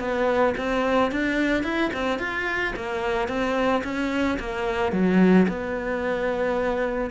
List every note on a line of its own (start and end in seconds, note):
0.00 0.55 B3
0.58 1.12 C4
1.12 1.64 D4
1.64 1.91 E4
1.94 2.19 C4
2.19 2.74 F4
2.77 3.29 A#3
3.29 3.83 C4
3.84 4.39 C#4
4.40 4.93 A#3
4.93 5.47 F#3
5.49 7.11 B3